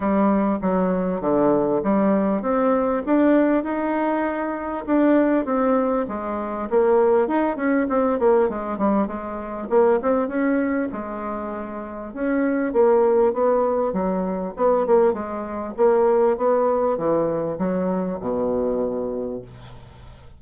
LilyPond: \new Staff \with { instrumentName = "bassoon" } { \time 4/4 \tempo 4 = 99 g4 fis4 d4 g4 | c'4 d'4 dis'2 | d'4 c'4 gis4 ais4 | dis'8 cis'8 c'8 ais8 gis8 g8 gis4 |
ais8 c'8 cis'4 gis2 | cis'4 ais4 b4 fis4 | b8 ais8 gis4 ais4 b4 | e4 fis4 b,2 | }